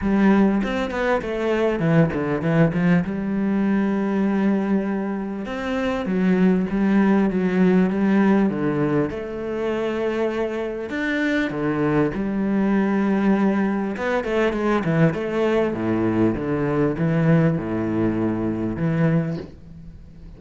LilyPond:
\new Staff \with { instrumentName = "cello" } { \time 4/4 \tempo 4 = 99 g4 c'8 b8 a4 e8 d8 | e8 f8 g2.~ | g4 c'4 fis4 g4 | fis4 g4 d4 a4~ |
a2 d'4 d4 | g2. b8 a8 | gis8 e8 a4 a,4 d4 | e4 a,2 e4 | }